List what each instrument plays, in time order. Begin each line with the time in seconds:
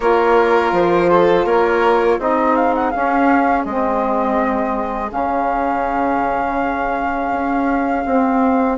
0.00 bassoon A#3, saxophone F4, violin A#4, flute C#5
0.71 bassoon F3, flute C5
1.09 violin A4
1.45 bassoon A#3, violin A#4, flute C#5
2.18 bassoon C4, saxophone D#4, violin G#4, flute D#5
2.56 flute F5
2.74 flute F#5
2.90 saxophone C#4, bassoon C#4, flute F5
3.64 bassoon G#3, saxophone C4, flute D#5
5.08 bassoon C#3, saxophone C#4, flute F5
7.32 bassoon C#4
8.05 bassoon C4, saxophone C4